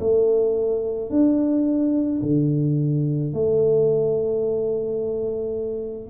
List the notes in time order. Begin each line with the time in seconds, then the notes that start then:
0.00 A3
1.10 D4
2.22 D3
3.33 A3